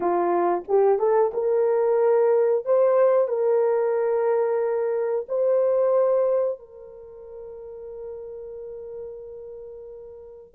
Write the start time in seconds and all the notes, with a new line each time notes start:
0.00 F4
0.67 G4
0.98 A4
1.33 A#4
2.65 C5
3.28 A#4
5.28 C5
6.59 A#4